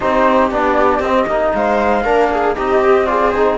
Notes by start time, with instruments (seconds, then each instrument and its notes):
0.00 cello C4, trombone D#4, viola G4, flute C5
0.51 cello B3, trombone D4, flute D5
0.99 cello C4, trombone C4, flute D#5
1.26 cello A#3, trombone D#4
1.54 cello G#3, viola C5, flute F5
2.04 cello A#3, trombone D4, viola A#4
2.31 viola G#4
2.56 cello C4, trombone D#4, viola G4, flute D#5
2.84 trombone G4
3.06 trombone F4, viola G#4, flute D5
3.31 trombone D#4, flute C5